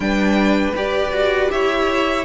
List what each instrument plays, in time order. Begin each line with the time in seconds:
0.00 cello G3, viola D4, violin B4 G5
0.75 viola G4, cello G4, violin D5
1.12 cello F#4
1.50 cello E4, violin C#5 E5